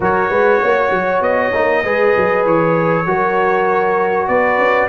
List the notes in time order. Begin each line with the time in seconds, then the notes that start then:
0.00 F#3 F#4 A#4 C#5
0.30 G#3 B4
0.62 A#3 C#5
0.90 F#3
1.21 B3 D#5
1.53 A#3 D#4
1.83 G#3 G#4 B4
2.16 F#3
2.45 E3 C#5
3.06 F#3 F#4 A#4
4.27 B3 B4 D5
4.58 C#4